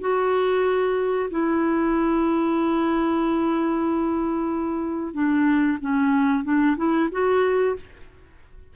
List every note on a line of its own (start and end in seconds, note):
0.00 1.29 F#4
1.30 5.13 E4
5.13 5.78 D4
5.80 6.44 C#4
6.44 6.76 D4
6.76 7.09 E4
7.11 7.76 F#4